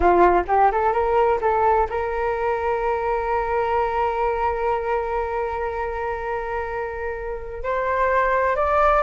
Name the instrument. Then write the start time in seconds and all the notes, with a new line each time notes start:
flute
0.00 F4
0.47 G4
0.71 A4
0.92 A#4
1.41 A4
1.89 A#4
7.63 C5
8.56 D5